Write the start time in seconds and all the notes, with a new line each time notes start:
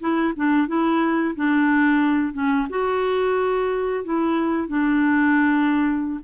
0.00 E4
0.36 D4
0.68 E4
1.36 D4
2.34 C#4
2.70 F#4
4.05 E4
4.68 D4